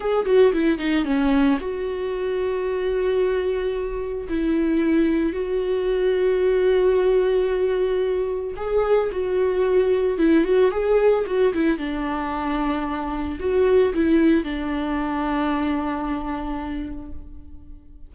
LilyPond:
\new Staff \with { instrumentName = "viola" } { \time 4/4 \tempo 4 = 112 gis'8 fis'8 e'8 dis'8 cis'4 fis'4~ | fis'1 | e'2 fis'2~ | fis'1 |
gis'4 fis'2 e'8 fis'8 | gis'4 fis'8 e'8 d'2~ | d'4 fis'4 e'4 d'4~ | d'1 | }